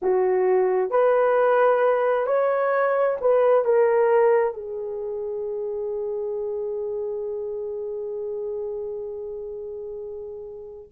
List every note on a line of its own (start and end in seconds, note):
0.02 0.90 F#4
0.90 2.26 B4
2.26 3.17 C#5
3.20 3.64 B4
3.64 4.53 A#4
4.53 10.89 G#4